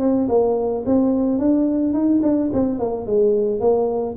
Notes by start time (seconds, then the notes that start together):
0.00 C4
0.29 A#3
0.86 C4
1.39 D4
1.93 D#4
2.22 D4
2.53 C4
2.79 A#3
3.06 G#3
3.60 A#3